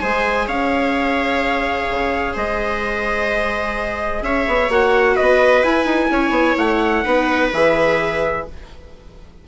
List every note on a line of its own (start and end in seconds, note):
0.00 0.47 G#3
0.00 4.70 G#4
0.00 0.47 C5
0.00 0.47 G#5
0.47 1.88 C#4
0.47 2.33 C#5
0.47 2.35 F5
1.90 2.36 C#3
2.33 4.22 G#3
2.33 4.21 C5
2.33 4.23 D#5
4.22 4.45 C#4
4.22 5.14 C#5
4.22 4.70 E5
4.47 4.69 B3
4.69 5.16 A#3
4.69 5.64 F#4
4.69 5.16 F#5
5.14 5.63 B3
5.14 6.08 B4
5.14 5.63 D#5
5.63 5.85 E4
5.63 7.05 E4
5.63 6.57 G#5
5.85 6.08 D#4
6.11 6.30 C#4
6.11 7.04 C#5
6.30 6.54 B3
6.58 7.05 A3
6.58 7.51 F#5
7.04 7.52 B3
7.04 7.52 D#4
7.04 8.44 B4
7.52 8.46 E3
7.52 8.47 G#4
7.52 8.47 E5